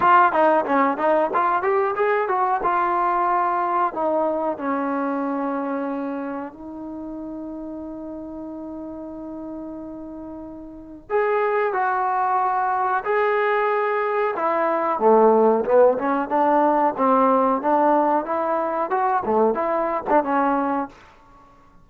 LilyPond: \new Staff \with { instrumentName = "trombone" } { \time 4/4 \tempo 4 = 92 f'8 dis'8 cis'8 dis'8 f'8 g'8 gis'8 fis'8 | f'2 dis'4 cis'4~ | cis'2 dis'2~ | dis'1~ |
dis'4 gis'4 fis'2 | gis'2 e'4 a4 | b8 cis'8 d'4 c'4 d'4 | e'4 fis'8 a8 e'8. d'16 cis'4 | }